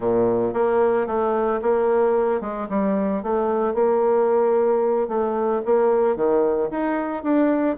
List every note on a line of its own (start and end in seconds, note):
0.00 0.53 A#2
0.53 1.06 A#3
1.06 1.60 A3
1.62 2.41 A#3
2.41 2.67 G#3
2.69 3.22 G3
3.23 3.74 A3
3.74 5.08 A#3
5.08 5.61 A3
5.65 6.15 A#3
6.15 6.69 D#3
6.70 7.23 D#4
7.23 7.77 D4